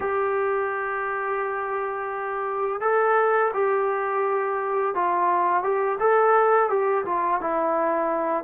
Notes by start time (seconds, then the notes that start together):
0.00 G4
2.80 A4
3.53 G4
4.94 F4
5.63 G4
5.99 A4
6.69 G4
7.05 F4
7.41 E4